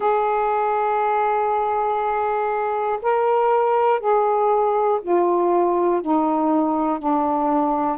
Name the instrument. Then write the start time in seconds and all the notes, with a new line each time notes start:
saxophone
0.00 G#4
3.02 A#4
4.00 G#4
5.02 F4
6.01 D#4
6.99 D4